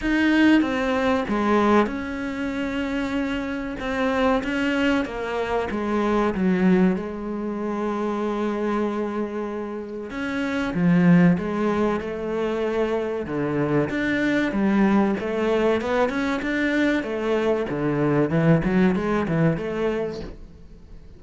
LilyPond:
\new Staff \with { instrumentName = "cello" } { \time 4/4 \tempo 4 = 95 dis'4 c'4 gis4 cis'4~ | cis'2 c'4 cis'4 | ais4 gis4 fis4 gis4~ | gis1 |
cis'4 f4 gis4 a4~ | a4 d4 d'4 g4 | a4 b8 cis'8 d'4 a4 | d4 e8 fis8 gis8 e8 a4 | }